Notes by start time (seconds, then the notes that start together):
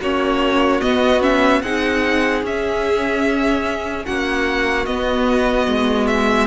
0.00 A#3 C#4 F#4 C#5
0.81 B3 D#5
1.22 C#4 E5
1.62 C4 D#4 G#4 F#5
2.43 C#4 E5
4.06 A#3 F#4 F#5
4.86 B3 D#5
5.68 G#3
6.08 E5